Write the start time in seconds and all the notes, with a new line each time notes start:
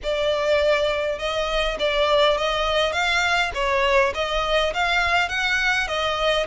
0.03 D5
1.18 D#5
1.79 D5
2.37 D#5
2.92 F5
3.54 C#5
4.14 D#5
4.73 F5
5.29 F#5
5.87 D#5